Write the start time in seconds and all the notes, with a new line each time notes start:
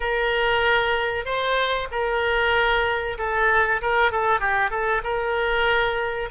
0.00 A#4
1.25 C5
1.91 A#4
3.18 A4
3.81 A#4
4.11 A4
4.40 G4
4.70 A4
5.03 A#4